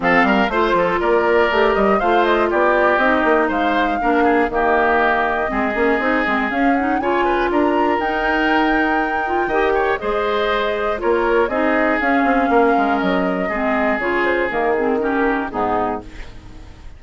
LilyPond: <<
  \new Staff \with { instrumentName = "flute" } { \time 4/4 \tempo 4 = 120 f''4 c''4 d''4. dis''8 | f''8 dis''8 d''4 dis''4 f''4~ | f''4 dis''2.~ | dis''4 f''8 fis''8 gis''4 ais''4 |
g''1 | dis''2 cis''4 dis''4 | f''2 dis''2 | cis''8 c''8 ais'8 gis'8 ais'4 gis'4 | }
  \new Staff \with { instrumentName = "oboe" } { \time 4/4 a'8 ais'8 c''8 a'8 ais'2 | c''4 g'2 c''4 | ais'8 gis'8 g'2 gis'4~ | gis'2 cis''8 b'8 ais'4~ |
ais'2. dis''8 cis''8 | c''2 ais'4 gis'4~ | gis'4 ais'2 gis'4~ | gis'2 g'4 dis'4 | }
  \new Staff \with { instrumentName = "clarinet" } { \time 4/4 c'4 f'2 g'4 | f'2 dis'2 | d'4 ais2 c'8 cis'8 | dis'8 c'8 cis'8 dis'8 f'2 |
dis'2~ dis'8 f'8 g'4 | gis'2 f'4 dis'4 | cis'2. c'4 | f'4 ais8 c'8 cis'4 b4 | }
  \new Staff \with { instrumentName = "bassoon" } { \time 4/4 f8 g8 a8 f8 ais4 a8 g8 | a4 b4 c'8 ais8 gis4 | ais4 dis2 gis8 ais8 | c'8 gis8 cis'4 cis4 d'4 |
dis'2. dis4 | gis2 ais4 c'4 | cis'8 c'8 ais8 gis8 fis4 gis4 | cis4 dis2 gis,4 | }
>>